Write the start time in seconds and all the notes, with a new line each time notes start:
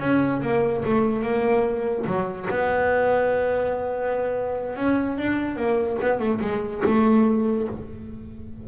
0.00 C#4
0.42 A#3
0.85 A3
1.23 A#3
2.07 F#3
2.50 B3
4.77 C#4
5.18 D4
5.57 A#3
6.01 B3
6.20 A3
6.41 G#3
6.85 A3